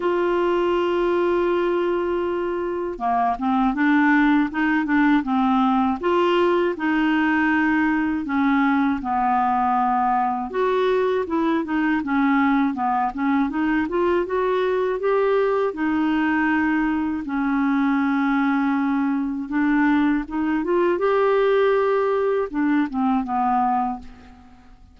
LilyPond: \new Staff \with { instrumentName = "clarinet" } { \time 4/4 \tempo 4 = 80 f'1 | ais8 c'8 d'4 dis'8 d'8 c'4 | f'4 dis'2 cis'4 | b2 fis'4 e'8 dis'8 |
cis'4 b8 cis'8 dis'8 f'8 fis'4 | g'4 dis'2 cis'4~ | cis'2 d'4 dis'8 f'8 | g'2 d'8 c'8 b4 | }